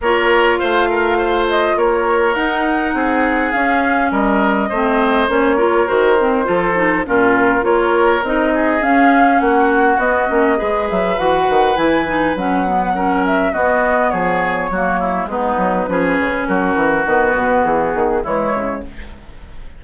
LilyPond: <<
  \new Staff \with { instrumentName = "flute" } { \time 4/4 \tempo 4 = 102 cis''4 f''4. dis''8 cis''4 | fis''2 f''4 dis''4~ | dis''4 cis''4 c''2 | ais'4 cis''4 dis''4 f''4 |
fis''4 dis''4. e''8 fis''4 | gis''4 fis''4. e''8 dis''4 | cis''2 b'2 | ais'4 b'4 gis'4 cis''4 | }
  \new Staff \with { instrumentName = "oboe" } { \time 4/4 ais'4 c''8 ais'8 c''4 ais'4~ | ais'4 gis'2 ais'4 | c''4. ais'4. a'4 | f'4 ais'4. gis'4. |
fis'2 b'2~ | b'2 ais'4 fis'4 | gis'4 fis'8 e'8 dis'4 gis'4 | fis'2. e'4 | }
  \new Staff \with { instrumentName = "clarinet" } { \time 4/4 f'1 | dis'2 cis'2 | c'4 cis'8 f'8 fis'8 c'8 f'8 dis'8 | cis'4 f'4 dis'4 cis'4~ |
cis'4 b8 cis'8 gis'4 fis'4 | e'8 dis'8 cis'8 b8 cis'4 b4~ | b4 ais4 b4 cis'4~ | cis'4 b2 gis4 | }
  \new Staff \with { instrumentName = "bassoon" } { \time 4/4 ais4 a2 ais4 | dis'4 c'4 cis'4 g4 | a4 ais4 dis4 f4 | ais,4 ais4 c'4 cis'4 |
ais4 b8 ais8 gis8 fis8 e8 dis8 | e4 fis2 b4 | f4 fis4 gis8 fis8 f8 cis8 | fis8 e8 dis8 b,8 e8 dis8 e8 cis8 | }
>>